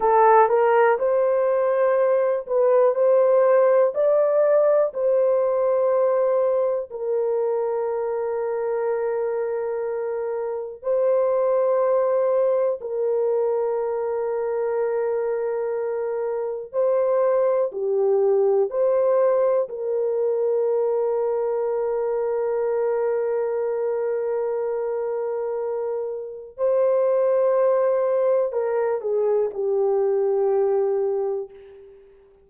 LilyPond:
\new Staff \with { instrumentName = "horn" } { \time 4/4 \tempo 4 = 61 a'8 ais'8 c''4. b'8 c''4 | d''4 c''2 ais'4~ | ais'2. c''4~ | c''4 ais'2.~ |
ais'4 c''4 g'4 c''4 | ais'1~ | ais'2. c''4~ | c''4 ais'8 gis'8 g'2 | }